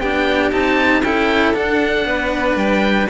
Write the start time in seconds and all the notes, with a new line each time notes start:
0.00 B3 D4 G4 G5
0.52 C4 D#4 A5
1.03 C#4 E4 A4 G5
1.54 D4 F#5
2.06 B3 B4
2.56 G3 G5